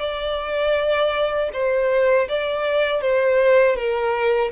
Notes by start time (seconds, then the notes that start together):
0.00 D5
1.53 C5
2.29 D5
3.02 C5
3.76 A#4